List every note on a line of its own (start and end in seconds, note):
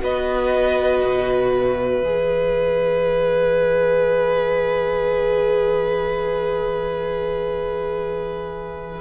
0.00 1.02 B3
0.00 2.00 F#4
0.00 9.01 B4
0.00 1.52 D#5
1.04 2.03 B2
1.52 9.01 E5
2.03 9.01 E3
2.03 9.01 G#4